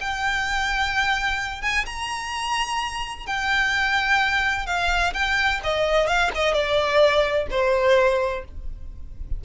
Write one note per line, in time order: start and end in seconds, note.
0.00 1.62 G5
1.62 1.85 G#5
1.86 3.26 A#5
3.26 4.66 G5
4.66 5.13 F5
5.13 5.60 G5
5.63 6.07 D#5
6.07 6.30 F5
6.35 6.53 D#5
6.53 7.47 D5
7.50 8.44 C5